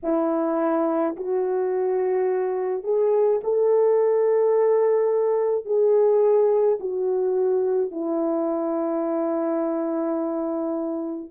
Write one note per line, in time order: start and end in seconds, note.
0.03 1.16 E4
1.16 2.83 F#4
2.83 3.40 G#4
3.43 5.65 A4
5.65 6.78 G#4
6.79 7.91 F#4
7.91 11.30 E4